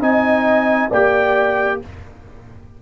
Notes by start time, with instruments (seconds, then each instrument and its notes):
0.00 tuba C4, trombone D#4, horn D#5, trumpet G#5
0.90 tuba A#3, trombone G4, horn D5, trumpet G5